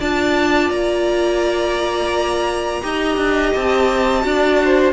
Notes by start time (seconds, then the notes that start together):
0.00 D4 F4 D5 A5
0.70 A#3 A#5
2.82 D#4 G4 D#5
3.17 D4
3.55 C4 A5
4.22 D4 F#4 D5
4.65 C5